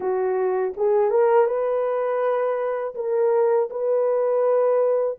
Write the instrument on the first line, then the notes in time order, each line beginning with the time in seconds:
horn
0.00 F#4
0.76 G#4
1.10 A#4
1.46 B4
2.95 A#4
3.69 B4